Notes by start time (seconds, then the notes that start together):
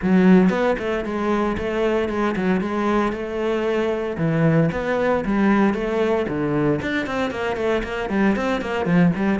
0.02 F#3
0.49 B3
0.78 A3
1.04 G#3
1.57 A3
2.09 G#3
2.35 F#3
2.60 G#3
3.12 A3
4.17 E3
4.72 B3
5.25 G3
5.73 A3
6.28 D3
6.82 D4
7.06 C4
7.30 A#3
7.56 A3
7.83 A#3
8.09 G3
8.35 C4
8.61 A#3
8.85 F3
9.15 G3